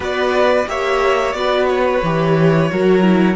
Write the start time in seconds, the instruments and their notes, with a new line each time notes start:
0.00 cello B3, viola F#4, violin B4 D5
0.67 cello A#3, viola G4, violin C#5 E5
1.32 cello B3, viola F#4, violin B4 D5
1.68 violin C#5
2.02 cello E3, viola G4
2.69 cello F#3, viola F#4, violin A#4
3.02 viola E4